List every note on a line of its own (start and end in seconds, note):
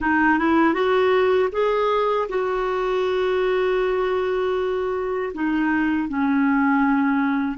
0.00 0.38 D#4
0.38 0.74 E4
0.74 1.49 F#4
1.52 2.28 G#4
2.29 5.32 F#4
5.34 6.08 D#4
6.08 7.57 C#4